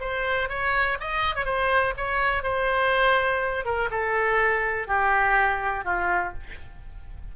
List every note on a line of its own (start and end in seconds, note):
0.00 0.49 C5
0.49 0.98 C#5
1.00 1.35 D#5
1.35 1.45 C#5
1.45 1.93 C5
1.97 2.43 C#5
2.43 3.65 C5
3.65 3.89 A#4
3.90 4.87 A4
4.87 5.84 G4
5.84 6.33 F4